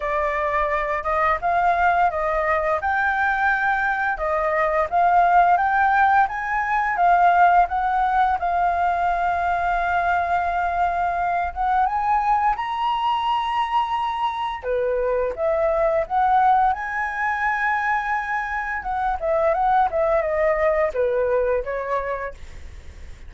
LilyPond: \new Staff \with { instrumentName = "flute" } { \time 4/4 \tempo 4 = 86 d''4. dis''8 f''4 dis''4 | g''2 dis''4 f''4 | g''4 gis''4 f''4 fis''4 | f''1~ |
f''8 fis''8 gis''4 ais''2~ | ais''4 b'4 e''4 fis''4 | gis''2. fis''8 e''8 | fis''8 e''8 dis''4 b'4 cis''4 | }